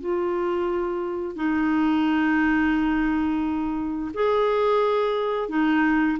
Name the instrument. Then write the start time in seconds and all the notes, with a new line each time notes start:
clarinet
0.00 F4
1.35 D#4
4.14 G#4
5.49 D#4